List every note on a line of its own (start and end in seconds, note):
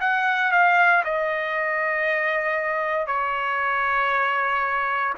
0.00 0.51 F#5
0.51 1.03 F5
1.04 3.07 D#5
3.07 5.13 C#5